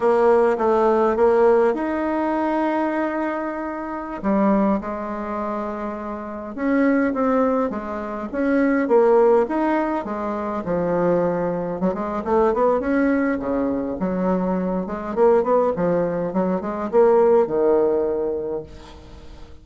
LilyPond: \new Staff \with { instrumentName = "bassoon" } { \time 4/4 \tempo 4 = 103 ais4 a4 ais4 dis'4~ | dis'2.~ dis'16 g8.~ | g16 gis2. cis'8.~ | cis'16 c'4 gis4 cis'4 ais8.~ |
ais16 dis'4 gis4 f4.~ f16~ | f16 fis16 gis8 a8 b8 cis'4 cis4 | fis4. gis8 ais8 b8 f4 | fis8 gis8 ais4 dis2 | }